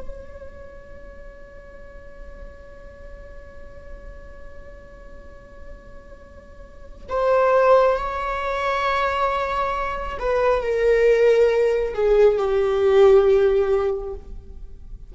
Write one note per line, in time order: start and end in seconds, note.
0.00 7.06 C#5
7.09 7.97 C5
7.97 10.18 C#5
10.19 10.62 B4
10.62 11.94 A#4
11.94 12.38 G#4
12.38 14.14 G4